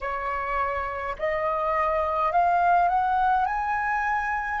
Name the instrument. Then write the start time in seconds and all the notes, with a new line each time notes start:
flute
0.00 C#5
1.19 D#5
2.31 F5
2.88 F#5
3.45 G#5